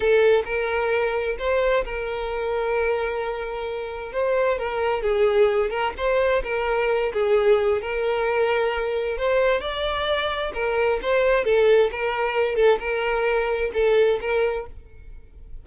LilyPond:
\new Staff \with { instrumentName = "violin" } { \time 4/4 \tempo 4 = 131 a'4 ais'2 c''4 | ais'1~ | ais'4 c''4 ais'4 gis'4~ | gis'8 ais'8 c''4 ais'4. gis'8~ |
gis'4 ais'2. | c''4 d''2 ais'4 | c''4 a'4 ais'4. a'8 | ais'2 a'4 ais'4 | }